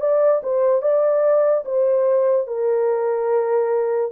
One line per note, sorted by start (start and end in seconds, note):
0.00 0.41 D5
0.43 0.82 C5
0.82 1.64 D5
1.65 2.47 C5
2.47 4.11 A#4